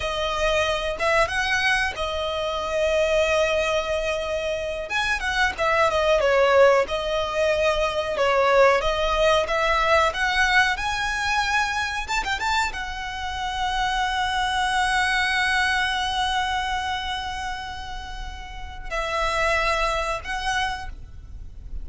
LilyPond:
\new Staff \with { instrumentName = "violin" } { \time 4/4 \tempo 4 = 92 dis''4. e''8 fis''4 dis''4~ | dis''2.~ dis''8 gis''8 | fis''8 e''8 dis''8 cis''4 dis''4.~ | dis''8 cis''4 dis''4 e''4 fis''8~ |
fis''8 gis''2 a''16 g''16 a''8 fis''8~ | fis''1~ | fis''1~ | fis''4 e''2 fis''4 | }